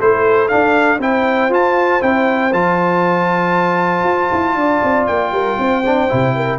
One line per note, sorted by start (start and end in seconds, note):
0.00 0.52 A3
0.00 0.49 E4
0.00 1.02 A4
0.00 0.48 C5
0.48 1.00 D4
0.48 0.99 F5
0.55 0.99 D4
0.99 1.50 C4
0.99 1.51 E4
0.99 4.58 C5
0.99 1.53 G5
1.50 2.01 F4
1.50 2.02 A5
2.01 2.53 C4
2.01 2.51 E4
2.01 2.53 G5
2.53 4.04 F3
2.53 5.84 F4
2.53 5.07 A5
4.04 4.30 F4
4.32 4.55 E4
4.55 4.81 D4
4.55 5.33 D5
4.83 5.09 C4
5.07 5.32 A#3
5.07 6.59 G5
5.32 5.58 G3
5.32 5.59 A#4
5.58 6.09 C4
5.58 6.35 C5
5.86 6.09 D4
6.09 6.59 C3
6.09 6.59 E4
6.35 6.59 A#4